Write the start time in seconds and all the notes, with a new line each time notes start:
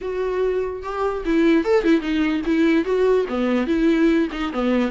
0.01 F#4
0.82 G4
1.25 E4
1.64 A4
1.83 E4
2.00 D#4
2.45 E4
2.84 F#4
3.28 B3
3.66 E4
4.32 D#4
4.52 B3